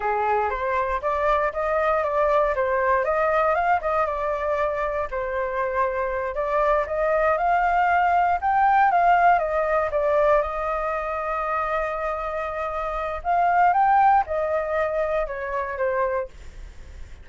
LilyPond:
\new Staff \with { instrumentName = "flute" } { \time 4/4 \tempo 4 = 118 gis'4 c''4 d''4 dis''4 | d''4 c''4 dis''4 f''8 dis''8 | d''2 c''2~ | c''8 d''4 dis''4 f''4.~ |
f''8 g''4 f''4 dis''4 d''8~ | d''8 dis''2.~ dis''8~ | dis''2 f''4 g''4 | dis''2 cis''4 c''4 | }